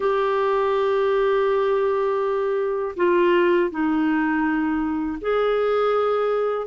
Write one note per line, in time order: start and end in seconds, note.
0.00 2.95 G4
2.96 3.70 F4
3.70 5.18 D#4
5.21 6.67 G#4